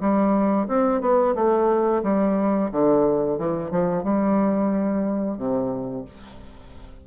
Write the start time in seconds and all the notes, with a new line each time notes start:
0.00 G3
0.68 C4
1.01 B3
1.35 A3
2.03 G3
2.71 D3
3.38 E3
3.70 F3
4.03 G3
5.37 C3